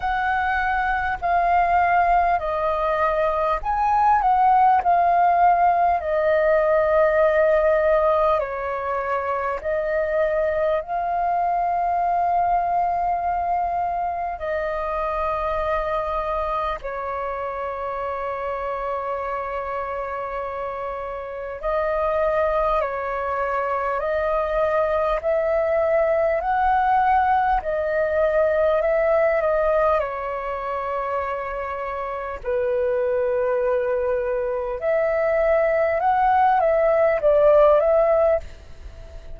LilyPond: \new Staff \with { instrumentName = "flute" } { \time 4/4 \tempo 4 = 50 fis''4 f''4 dis''4 gis''8 fis''8 | f''4 dis''2 cis''4 | dis''4 f''2. | dis''2 cis''2~ |
cis''2 dis''4 cis''4 | dis''4 e''4 fis''4 dis''4 | e''8 dis''8 cis''2 b'4~ | b'4 e''4 fis''8 e''8 d''8 e''8 | }